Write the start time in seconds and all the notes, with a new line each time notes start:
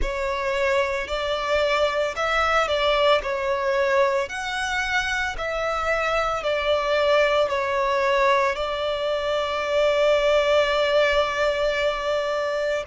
0.01 C#5
1.07 D5
2.15 E5
2.67 D5
3.22 C#5
4.29 F#5
5.37 E5
6.43 D5
7.49 C#5
8.55 D5